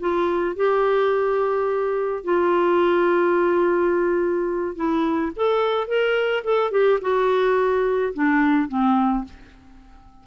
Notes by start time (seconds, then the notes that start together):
0.00 F4
0.56 G4
2.24 F4
4.76 E4
5.36 A4
5.88 A#4
6.44 A4
6.71 G4
7.01 F#4
8.14 D4
8.69 C4